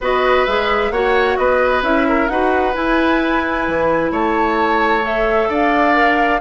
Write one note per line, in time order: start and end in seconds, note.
0.01 0.46 B3
0.01 0.47 F#4
0.01 0.92 B4
0.01 0.45 D#5
0.45 0.90 G#3
0.45 0.93 G#4
0.45 0.91 E5
0.90 1.36 A#3
0.90 1.83 F#4
0.90 1.38 C#5
0.90 1.36 F#5
1.36 1.82 B3
1.36 2.08 B4
1.36 1.82 D#5
1.82 2.28 C#4
1.82 2.29 E4
1.82 2.28 E5
2.08 2.31 A#4
2.28 2.74 D#4
2.28 2.73 F#4
2.28 4.11 B4
2.28 2.73 F#5
2.73 5.02 E4
2.73 3.67 E4
2.73 4.12 G#5
3.67 4.10 E3
4.10 5.48 A3
4.10 5.48 C#5
4.10 5.05 A5
5.02 5.93 A4
5.02 5.50 E5
5.48 6.40 D4
5.48 6.40 D5
5.48 6.40 F5
5.93 6.39 A#4